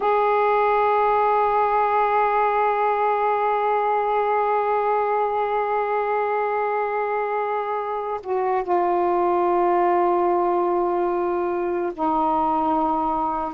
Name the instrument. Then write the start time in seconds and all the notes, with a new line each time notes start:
saxophone
0.00 G#4
8.23 F#4
8.63 F4
11.93 D#4